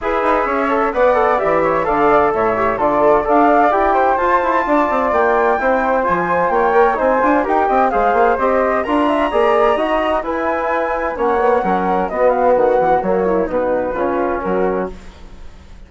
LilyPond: <<
  \new Staff \with { instrumentName = "flute" } { \time 4/4 \tempo 4 = 129 e''2 fis''4 e''4 | f''4 e''4 d''4 f''4 | g''4 a''2 g''4~ | g''4 gis''4 g''4 gis''4 |
g''4 f''4 dis''4 ais''4~ | ais''2 gis''2 | fis''2 dis''8 f''8 fis''4 | cis''4 b'2 ais'4 | }
  \new Staff \with { instrumentName = "flute" } { \time 4/4 b'4 cis''4 d''4. cis''8 | d''4 cis''4 a'4 d''4~ | d''8 c''4. d''2 | c''2 cis''4 c''4 |
ais'8 dis''8 c''2 ais'8 e''8 | d''4 dis''4 b'2 | cis''4 ais'4 fis'2~ | fis'8 e'8 dis'4 f'4 fis'4 | }
  \new Staff \with { instrumentName = "trombone" } { \time 4/4 gis'4. a'8 b'8 a'8 g'4 | a'4. g'8 f'4 a'4 | g'4 f'2. | e'4 f'4. ais'8 dis'8 f'8 |
g'4 gis'4 g'4 f'4 | gis'4 fis'4 e'2 | cis'8 b8 cis'4 b2 | ais4 b4 cis'2 | }
  \new Staff \with { instrumentName = "bassoon" } { \time 4/4 e'8 dis'8 cis'4 b4 e4 | d4 a,4 d4 d'4 | e'4 f'8 e'8 d'8 c'8 ais4 | c'4 f4 ais4 c'8 d'8 |
dis'8 c'8 gis8 ais8 c'4 d'4 | ais4 dis'4 e'2 | ais4 fis4 b4 dis8 e8 | fis4 b,4 cis4 fis4 | }
>>